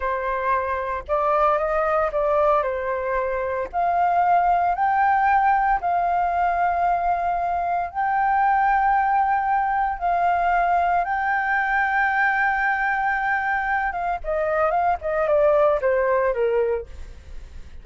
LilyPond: \new Staff \with { instrumentName = "flute" } { \time 4/4 \tempo 4 = 114 c''2 d''4 dis''4 | d''4 c''2 f''4~ | f''4 g''2 f''4~ | f''2. g''4~ |
g''2. f''4~ | f''4 g''2.~ | g''2~ g''8 f''8 dis''4 | f''8 dis''8 d''4 c''4 ais'4 | }